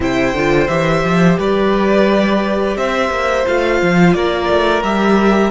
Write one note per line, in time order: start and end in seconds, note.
0.00 0.33 C3
0.00 0.34 E4
0.00 1.38 C5
0.00 0.67 G5
0.33 0.68 D3
0.33 0.68 F4
0.67 1.03 E3
0.67 3.44 G4
0.67 1.36 E5
1.03 1.38 F3
1.38 2.76 G3
1.38 2.76 B4
1.38 2.77 D5
2.76 3.09 C4
2.76 4.16 C5
2.76 3.46 E5
3.09 3.44 A#3
3.46 3.81 A3
3.46 4.83 F4
3.46 4.13 F5
3.81 4.14 F3
4.13 4.48 A#3
4.13 5.50 A#4
4.13 4.82 D5
4.50 4.82 A3
4.82 5.50 G3
4.82 5.50 G4
4.82 5.50 E5